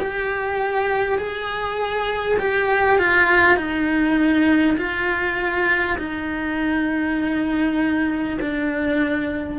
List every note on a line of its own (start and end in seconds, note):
0.00 1.19 G4
1.19 2.39 G#4
2.39 2.99 G4
2.99 3.57 F4
3.57 4.77 D#4
4.78 5.98 F4
5.98 8.38 D#4
8.42 9.59 D4